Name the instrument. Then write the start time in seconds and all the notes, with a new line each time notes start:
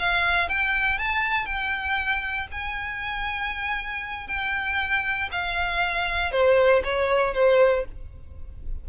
violin
0.00 F5
0.49 G5
0.99 A5
1.46 G5
2.52 G#5
4.28 G5
5.32 F5
6.32 C5
6.85 C#5
7.34 C5